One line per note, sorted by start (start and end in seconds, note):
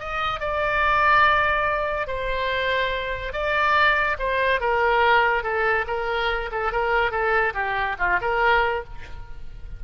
0.00 0.40 D#5
0.40 2.08 D5
2.08 3.33 C5
3.33 4.17 D5
4.19 4.61 C5
4.61 5.44 A#4
5.44 5.86 A4
5.87 6.50 A#4
6.52 6.72 A4
6.72 7.12 A#4
7.12 7.54 A4
7.54 7.96 G4
7.99 8.20 F4
8.21 8.84 A#4